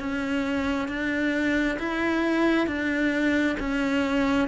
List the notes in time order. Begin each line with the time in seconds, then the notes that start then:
0.00 C#4
0.88 D4
1.79 E4
2.67 D4
3.59 C#4